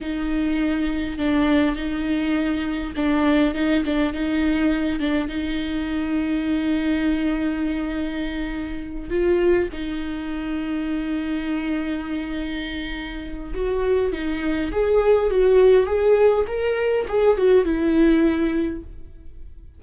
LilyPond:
\new Staff \with { instrumentName = "viola" } { \time 4/4 \tempo 4 = 102 dis'2 d'4 dis'4~ | dis'4 d'4 dis'8 d'8 dis'4~ | dis'8 d'8 dis'2.~ | dis'2.~ dis'8 f'8~ |
f'8 dis'2.~ dis'8~ | dis'2. fis'4 | dis'4 gis'4 fis'4 gis'4 | ais'4 gis'8 fis'8 e'2 | }